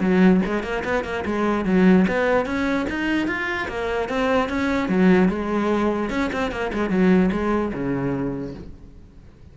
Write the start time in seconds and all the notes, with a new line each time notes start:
0.00 F#3
0.45 G#3
0.62 A#3
0.84 B3
1.04 A#3
1.25 G#3
1.65 F#3
2.07 B3
2.45 C#4
2.89 D#4
3.27 F4
3.68 A#3
4.09 C4
4.49 C#4
4.88 F#3
5.28 G#3
6.09 C#4
6.32 C4
6.51 A#3
6.72 G#3
6.89 F#3
7.31 G#3
7.73 C#3